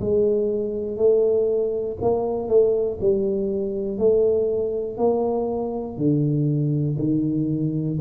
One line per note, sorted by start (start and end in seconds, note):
0.00 0.97 G#3
0.97 1.97 A3
2.01 2.49 A#3
2.49 2.99 A3
3.01 3.98 G3
3.98 4.98 A3
4.98 5.97 A#3
5.97 6.97 D3
6.99 7.99 D#3